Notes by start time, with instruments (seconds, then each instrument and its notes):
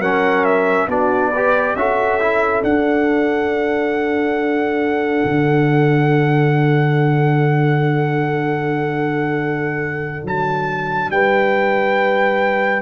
0.00 tuba F#3, trombone C#4, horn A#4, trumpet F#5
0.45 trumpet E5
0.88 tuba B3, trombone D4, horn F#4, trumpet D5
1.31 trombone G4, horn B4
1.76 tuba C#4, trombone F#4, horn A4, trumpet E5
2.21 trombone E4
2.63 tuba D4, trombone D4, trumpet F#5
5.25 tuba D3
10.25 tuba F#3, trumpet A5
11.10 tuba G3, horn B4, trumpet G5